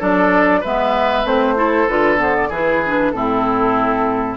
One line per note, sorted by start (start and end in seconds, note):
0.00 0.64 F#3
0.00 0.63 D4
0.00 0.61 A4
0.00 0.64 D5
0.61 1.25 G#3
0.61 1.25 B3
0.61 1.55 B4
0.61 1.27 E5
1.25 1.87 A3
1.25 1.57 C4
1.25 1.89 C5
1.57 1.88 E4
1.57 2.49 A4
1.89 2.50 D3
1.89 2.18 F4
1.89 2.20 B4
2.18 2.49 B3
2.18 2.37 C5
2.37 2.52 D5
2.49 3.12 E3
2.49 2.85 E4
2.49 3.12 G#4
2.49 3.12 B4
2.86 3.14 D4
3.12 4.37 A2
3.12 4.37 C4
3.12 4.37 E4
3.12 4.37 A4